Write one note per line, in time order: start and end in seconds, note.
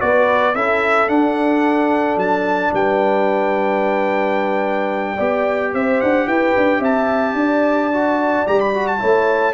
0.00 0.55 B3
0.00 0.55 F#4
0.00 0.55 B4
0.00 0.55 D5
0.55 1.09 C#4
0.55 1.08 E4
0.55 2.73 A4
0.55 1.09 E5
1.08 5.17 D4
1.08 2.16 D4
1.08 2.18 F#5
2.16 2.71 F#3
2.16 2.73 A5
2.73 5.19 G3
2.73 5.15 B4
2.73 5.74 G5
5.15 5.74 B3
5.15 7.92 G4
5.15 5.70 D5
5.74 6.01 C4
5.74 6.27 C5
5.74 6.01 E5
6.01 6.27 D4
6.01 6.27 F#5
6.27 6.55 E4
6.27 6.79 B4
6.27 6.82 G5
6.57 6.80 D4
6.79 7.34 C4
6.79 7.34 E5
6.79 8.47 A5
7.34 8.43 D4
7.34 8.99 D5
7.93 8.46 F#4
8.46 9.02 G3
8.46 8.74 G4
8.46 8.60 A#5
8.60 8.87 B5
8.74 8.99 F#4
8.87 9.54 A5
8.99 9.54 A3
8.99 9.54 E4
8.99 9.54 C#5